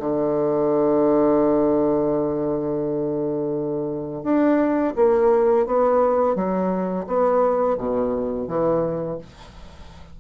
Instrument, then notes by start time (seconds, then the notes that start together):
bassoon
0.00 D3
4.24 D4
4.96 A#3
5.67 B3
6.36 F#3
7.07 B3
7.78 B2
8.48 E3